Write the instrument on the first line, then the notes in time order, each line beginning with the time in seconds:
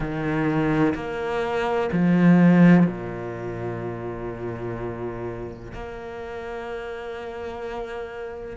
cello
0.00 D#3
0.94 A#3
1.92 F3
2.86 A#2
5.73 A#3